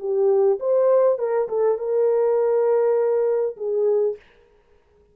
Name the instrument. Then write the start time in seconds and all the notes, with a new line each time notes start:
horn
0.00 G4
0.60 C5
1.19 A#4
1.49 A4
1.78 A#4
3.57 G#4